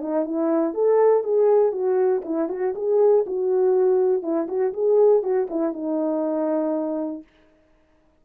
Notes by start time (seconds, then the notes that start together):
0.00 D#4
0.25 E4
0.74 A4
1.23 G#4
1.72 F#4
2.25 E4
2.49 F#4
2.75 G#4
3.27 F#4
4.22 E4
4.48 F#4
4.73 G#4
5.23 F#4
5.50 E4
5.73 D#4